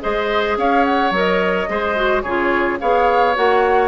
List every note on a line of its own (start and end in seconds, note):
0.00 0.57 G#3
0.00 1.11 G#4
0.00 0.58 C5
0.00 0.57 D#5
0.57 1.10 C#4
0.57 1.69 C#5
0.57 0.84 F5
0.84 1.12 F#5
1.10 1.66 F#3
1.10 1.68 A#4
1.17 2.21 D#5
1.68 2.24 G#3
1.68 1.95 G#4
1.68 2.22 C5
1.95 2.23 F#4
2.21 2.79 C#3
2.21 2.80 F4
2.21 2.78 G#4
2.21 2.77 C#5
2.80 3.36 B3
2.80 3.34 G#4
2.80 3.88 C#5
2.80 3.35 F5
3.34 3.88 A#3
3.34 3.88 F#4
3.34 3.88 F#5